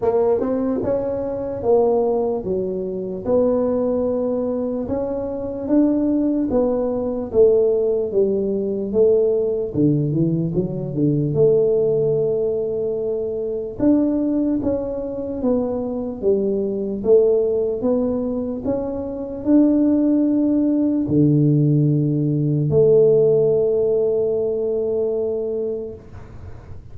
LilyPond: \new Staff \with { instrumentName = "tuba" } { \time 4/4 \tempo 4 = 74 ais8 c'8 cis'4 ais4 fis4 | b2 cis'4 d'4 | b4 a4 g4 a4 | d8 e8 fis8 d8 a2~ |
a4 d'4 cis'4 b4 | g4 a4 b4 cis'4 | d'2 d2 | a1 | }